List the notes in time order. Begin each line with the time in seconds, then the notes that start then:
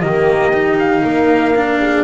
0.00 D#3 A#3 G4 D#5
0.53 D#4
0.79 F5
1.02 A#3 A#4
1.56 D4
1.80 G#4